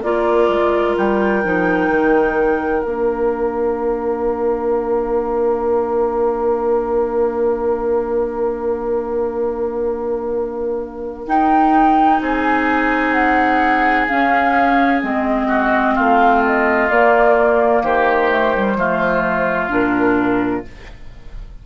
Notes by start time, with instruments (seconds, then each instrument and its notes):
0.00 bassoon A#3, clarinet F4, oboe A#4, flute D5
0.48 bassoon G#3
0.97 bassoon G3, flute G5
1.43 bassoon F3, clarinet D#4
1.89 bassoon D#3
2.83 bassoon A#3, clarinet D4, flute F5
11.26 bassoon D#4, clarinet D#4, flute G5
12.21 bassoon C4, oboe G#4, flute G#5
13.12 flute F#5
14.07 clarinet C#4, bassoon C#4, flute F5
15.02 bassoon G#3, clarinet C4, flute D#5
15.47 oboe F#4
15.95 bassoon A3, oboe F4, flute F5
16.46 flute D#5
16.90 bassoon A#3, clarinet A#3, flute D5
17.83 bassoon D#3, oboe G4, flute C5
18.31 clarinet A3
18.56 clarinet G3
18.75 bassoon F3, clarinet A3, oboe F4
19.69 bassoon A#2, clarinet D4, flute A#4